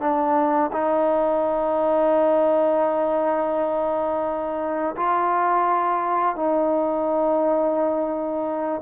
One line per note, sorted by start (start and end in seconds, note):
0.00 0.71 D4
0.72 4.95 D#4
4.96 6.36 F4
6.36 8.81 D#4